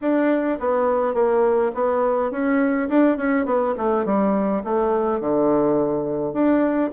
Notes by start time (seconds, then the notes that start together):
0.01 D4
0.59 B3
1.14 A#3
1.74 B3
2.31 C#4
2.89 D4
3.17 C#4
3.45 B3
3.77 A3
4.05 G3
4.64 A3
5.20 D3
6.33 D4